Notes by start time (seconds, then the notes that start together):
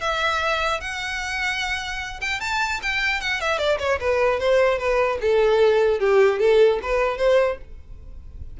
0.00 E5
0.80 F#5
2.20 G5
2.40 A5
2.82 G5
3.20 F#5
3.41 E5
3.58 D5
3.79 C#5
4.00 B4
4.39 C5
4.78 B4
5.21 A4
5.99 G4
6.39 A4
6.82 B4
7.17 C5